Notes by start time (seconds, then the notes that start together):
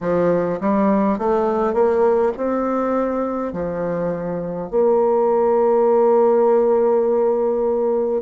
0.00 F3
0.60 G3
1.18 A3
1.73 A#3
2.36 C4
3.52 F3
4.70 A#3